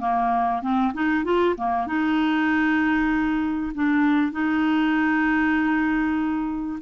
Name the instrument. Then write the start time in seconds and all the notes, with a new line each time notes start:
clarinet
0.00 A#3
0.62 C4
0.94 D#4
1.25 F4
1.57 A#3
1.87 D#4
3.75 D4
4.32 D#4